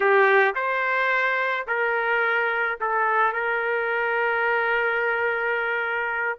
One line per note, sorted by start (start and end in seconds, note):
0.00 0.54 G4
0.55 1.66 C5
1.67 2.78 A#4
2.80 3.32 A4
3.32 6.38 A#4